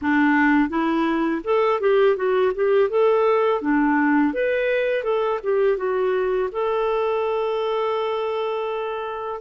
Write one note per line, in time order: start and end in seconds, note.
0.01 0.69 D4
0.69 1.41 E4
1.44 1.80 A4
1.80 2.16 G4
2.16 2.52 F#4
2.54 2.89 G4
2.89 3.61 A4
3.61 4.33 D4
4.33 5.03 B4
5.03 5.39 A4
5.43 5.77 G4
5.77 6.49 F#4
6.52 9.40 A4